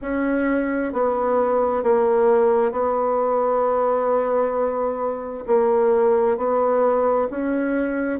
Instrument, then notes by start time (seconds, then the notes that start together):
bassoon
0.01 C#4
0.92 B3
1.83 A#3
2.71 B3
5.46 A#3
6.37 B3
7.30 C#4